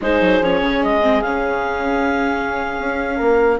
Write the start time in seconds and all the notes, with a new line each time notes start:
0.01 G#3 D#4 G#4 C5
0.21 F#3
0.40 F3 C#4 C#5
0.61 C#3
0.83 G#3 D#5
1.01 C4
1.22 C#3 C#4 F5
2.78 C#4
3.16 A#3 A#4